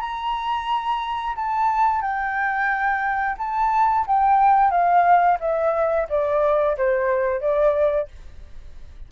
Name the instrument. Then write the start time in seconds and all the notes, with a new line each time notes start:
flute
0.00 A#5
1.35 A5
2.01 G5
3.38 A5
4.07 G5
4.70 F5
5.40 E5
6.09 D5
6.77 C5
7.40 D5